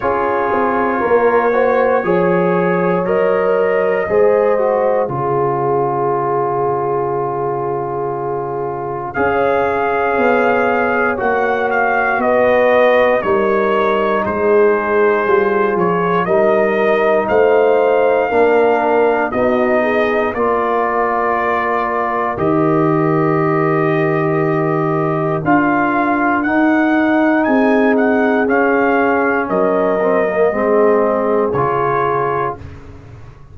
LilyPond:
<<
  \new Staff \with { instrumentName = "trumpet" } { \time 4/4 \tempo 4 = 59 cis''2. dis''4~ | dis''4 cis''2.~ | cis''4 f''2 fis''8 f''8 | dis''4 cis''4 c''4. cis''8 |
dis''4 f''2 dis''4 | d''2 dis''2~ | dis''4 f''4 fis''4 gis''8 fis''8 | f''4 dis''2 cis''4 | }
  \new Staff \with { instrumentName = "horn" } { \time 4/4 gis'4 ais'8 c''8 cis''2 | c''4 gis'2.~ | gis'4 cis''2. | b'4 ais'4 gis'2 |
ais'4 c''4 ais'4 fis'8 gis'8 | ais'1~ | ais'2. gis'4~ | gis'4 ais'4 gis'2 | }
  \new Staff \with { instrumentName = "trombone" } { \time 4/4 f'4. fis'8 gis'4 ais'4 | gis'8 fis'8 f'2.~ | f'4 gis'2 fis'4~ | fis'4 dis'2 f'4 |
dis'2 d'4 dis'4 | f'2 g'2~ | g'4 f'4 dis'2 | cis'4. c'16 ais16 c'4 f'4 | }
  \new Staff \with { instrumentName = "tuba" } { \time 4/4 cis'8 c'8 ais4 f4 fis4 | gis4 cis2.~ | cis4 cis'4 b4 ais4 | b4 g4 gis4 g8 f8 |
g4 a4 ais4 b4 | ais2 dis2~ | dis4 d'4 dis'4 c'4 | cis'4 fis4 gis4 cis4 | }
>>